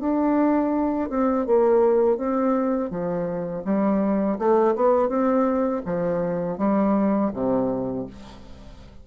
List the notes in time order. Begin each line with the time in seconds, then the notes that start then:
0.00 D4
1.10 C4
1.46 A#3
2.17 C4
2.90 F3
3.65 G3
4.39 A3
4.76 B3
5.09 C4
5.86 F3
6.58 G3
7.34 C3